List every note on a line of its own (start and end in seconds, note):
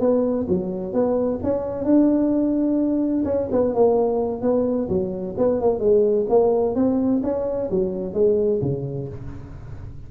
0.00 0.47 B3
0.48 0.93 F#3
0.93 1.40 B3
1.43 1.84 C#4
1.84 3.24 D4
3.25 3.48 C#4
3.51 3.74 B3
3.74 4.42 A#3
4.42 4.88 B3
4.89 5.35 F#3
5.37 5.60 B3
5.60 5.79 A#3
5.79 6.26 G#3
6.29 6.75 A#3
6.75 7.21 C4
7.23 7.70 C#4
7.70 8.13 F#3
8.13 8.60 G#3
8.62 9.08 C#3